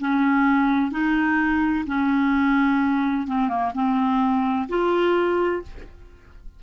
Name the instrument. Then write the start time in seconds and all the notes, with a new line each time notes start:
clarinet
0.00 C#4
0.92 D#4
1.87 C#4
3.27 C4
3.49 A#3
3.75 C4
4.69 F4